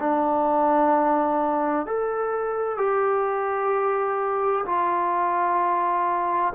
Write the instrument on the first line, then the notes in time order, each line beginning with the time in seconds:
trombone
0.00 D4
1.86 A4
2.78 G4
4.66 F4